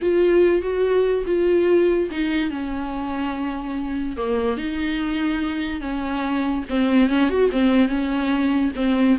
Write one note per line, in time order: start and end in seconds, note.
0.01 0.61 F4
0.61 1.24 F#4
1.26 2.09 F4
2.10 2.50 D#4
2.50 4.17 C#4
4.17 4.57 A#3
4.57 5.80 D#4
5.80 6.64 C#4
6.69 7.09 C4
7.09 7.29 C#4
7.29 7.50 F#4
7.51 7.88 C4
7.88 8.71 C#4
8.75 9.17 C4